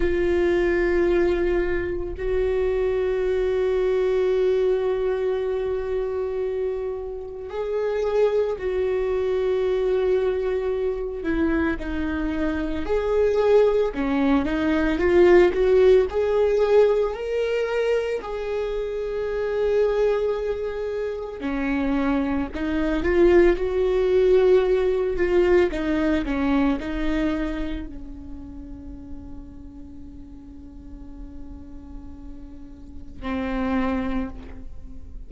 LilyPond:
\new Staff \with { instrumentName = "viola" } { \time 4/4 \tempo 4 = 56 f'2 fis'2~ | fis'2. gis'4 | fis'2~ fis'8 e'8 dis'4 | gis'4 cis'8 dis'8 f'8 fis'8 gis'4 |
ais'4 gis'2. | cis'4 dis'8 f'8 fis'4. f'8 | dis'8 cis'8 dis'4 cis'2~ | cis'2. c'4 | }